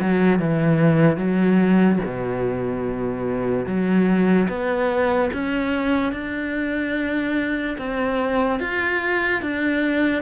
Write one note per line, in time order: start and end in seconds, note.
0.00 0.39 F#3
0.39 1.17 E3
1.17 1.99 F#3
2.05 3.66 B2
3.66 4.48 F#3
4.48 5.31 B3
5.33 6.12 C#4
6.12 7.77 D4
7.78 8.60 C4
8.60 9.42 F4
9.42 10.22 D4